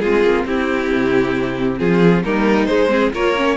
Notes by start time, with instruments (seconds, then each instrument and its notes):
0.00 cello G#3, viola C4, violin F4 G#4
0.24 cello A#3
0.45 cello C4, violin E4 G4
0.94 cello C3
1.79 cello F3, violin F4 G#4
2.24 cello G3, viola A#3, violin D#4 A#4
2.66 viola G#3, cello G#3, violin C5
2.90 viola C4, violin G#4
3.13 cello A#3, viola F4, violin A#4 C#5
3.36 viola C#4